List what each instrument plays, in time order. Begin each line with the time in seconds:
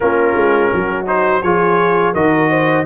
0.00 tuba A#3, trombone C#4, horn F4, trumpet A#4
0.36 tuba G#3
0.72 tuba F#3, horn F#4
1.06 trombone D#4, trumpet C5
1.42 tuba F3, trombone F4, horn G#4, trumpet C#5
2.13 tuba D#3, trombone F#4, horn A#4, trumpet D#5
2.49 horn C5